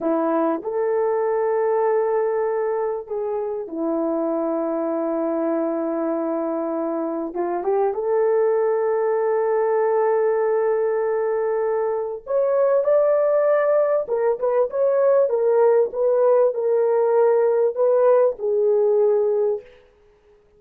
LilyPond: \new Staff \with { instrumentName = "horn" } { \time 4/4 \tempo 4 = 98 e'4 a'2.~ | a'4 gis'4 e'2~ | e'1 | f'8 g'8 a'2.~ |
a'1 | cis''4 d''2 ais'8 b'8 | cis''4 ais'4 b'4 ais'4~ | ais'4 b'4 gis'2 | }